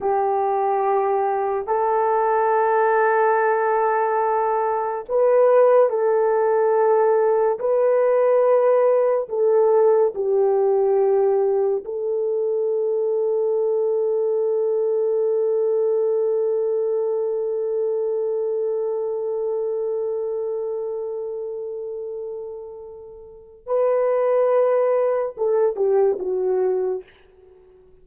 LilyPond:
\new Staff \with { instrumentName = "horn" } { \time 4/4 \tempo 4 = 71 g'2 a'2~ | a'2 b'4 a'4~ | a'4 b'2 a'4 | g'2 a'2~ |
a'1~ | a'1~ | a'1 | b'2 a'8 g'8 fis'4 | }